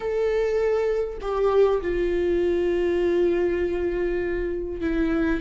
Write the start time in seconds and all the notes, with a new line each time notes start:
0.00 A4
1.21 G4
1.81 F4
4.80 E4